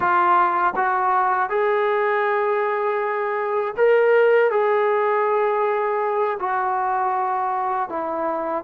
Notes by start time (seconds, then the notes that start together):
0.00 F4
0.76 F#4
1.49 G#4
3.76 A#4
4.50 G#4
6.39 F#4
7.89 E4